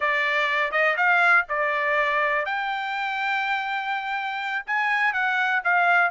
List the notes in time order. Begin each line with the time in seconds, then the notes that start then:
0.00 D5
0.71 D#5
0.96 F5
1.48 D5
2.45 G5
4.66 G#5
5.13 F#5
5.63 F5